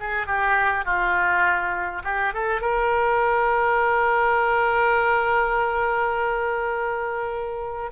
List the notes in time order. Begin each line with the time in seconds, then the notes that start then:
0.00 G#4
0.27 G4
0.85 F4
2.04 G4
2.33 A4
2.61 A#4